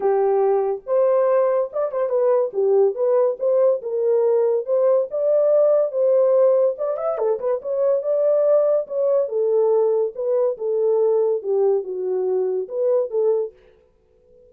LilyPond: \new Staff \with { instrumentName = "horn" } { \time 4/4 \tempo 4 = 142 g'2 c''2 | d''8 c''8 b'4 g'4 b'4 | c''4 ais'2 c''4 | d''2 c''2 |
d''8 e''8 a'8 b'8 cis''4 d''4~ | d''4 cis''4 a'2 | b'4 a'2 g'4 | fis'2 b'4 a'4 | }